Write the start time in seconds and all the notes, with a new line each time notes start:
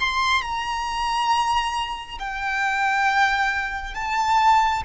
0.00 C6
0.42 A#5
2.19 G5
3.95 A5